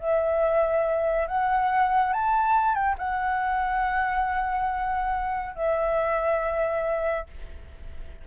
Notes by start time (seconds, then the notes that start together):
0.00 E5
1.28 F#5
2.13 A5
2.75 G5
2.99 F#5
5.56 E5